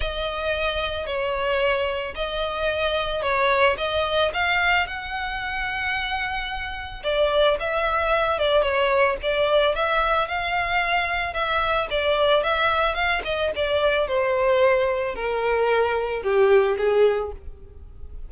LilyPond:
\new Staff \with { instrumentName = "violin" } { \time 4/4 \tempo 4 = 111 dis''2 cis''2 | dis''2 cis''4 dis''4 | f''4 fis''2.~ | fis''4 d''4 e''4. d''8 |
cis''4 d''4 e''4 f''4~ | f''4 e''4 d''4 e''4 | f''8 dis''8 d''4 c''2 | ais'2 g'4 gis'4 | }